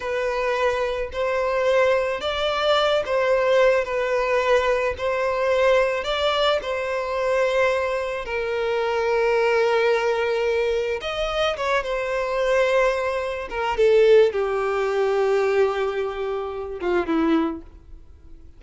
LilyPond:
\new Staff \with { instrumentName = "violin" } { \time 4/4 \tempo 4 = 109 b'2 c''2 | d''4. c''4. b'4~ | b'4 c''2 d''4 | c''2. ais'4~ |
ais'1 | dis''4 cis''8 c''2~ c''8~ | c''8 ais'8 a'4 g'2~ | g'2~ g'8 f'8 e'4 | }